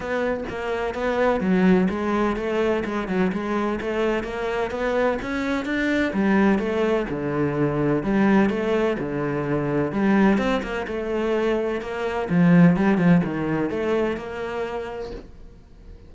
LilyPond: \new Staff \with { instrumentName = "cello" } { \time 4/4 \tempo 4 = 127 b4 ais4 b4 fis4 | gis4 a4 gis8 fis8 gis4 | a4 ais4 b4 cis'4 | d'4 g4 a4 d4~ |
d4 g4 a4 d4~ | d4 g4 c'8 ais8 a4~ | a4 ais4 f4 g8 f8 | dis4 a4 ais2 | }